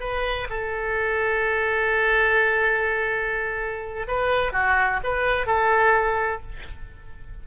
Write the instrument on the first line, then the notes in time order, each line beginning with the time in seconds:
oboe
0.00 B4
0.49 A4
4.07 B4
4.52 F#4
5.03 B4
5.46 A4